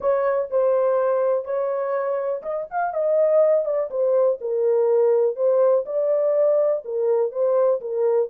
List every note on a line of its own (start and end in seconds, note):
0.00 0.49 C#5
0.50 1.44 C5
1.44 2.42 C#5
2.42 2.67 D#5
2.70 2.93 F5
2.93 3.65 D#5
3.65 3.89 D5
3.90 4.39 C5
4.40 5.36 A#4
5.36 5.84 C5
5.85 6.83 D5
6.84 7.31 A#4
7.31 7.80 C5
7.80 8.29 A#4